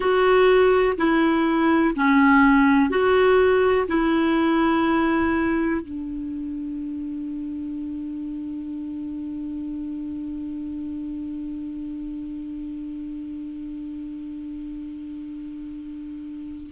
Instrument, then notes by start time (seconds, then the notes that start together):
clarinet
0.00 F#4
0.97 E4
1.95 C#4
2.89 F#4
3.88 E4
5.81 D4